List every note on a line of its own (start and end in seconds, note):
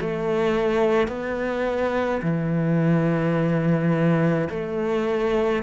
0.00 1.08 A3
1.08 2.21 B3
2.22 4.48 E3
4.50 5.63 A3